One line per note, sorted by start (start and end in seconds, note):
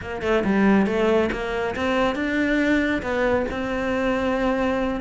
0.01 0.22 A#3
0.22 0.43 A3
0.44 0.86 G3
0.86 1.29 A3
1.31 1.75 A#3
1.75 2.15 C4
2.15 3.02 D4
3.02 3.45 B3
3.50 5.00 C4